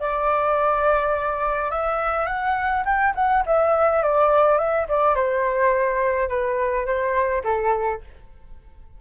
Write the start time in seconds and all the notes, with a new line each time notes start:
0.00 D5
1.71 E5
2.26 F#5
2.85 G5
3.15 F#5
3.46 E5
4.03 D5
4.58 E5
4.88 D5
5.15 C5
6.29 B4
6.86 C5
7.44 A4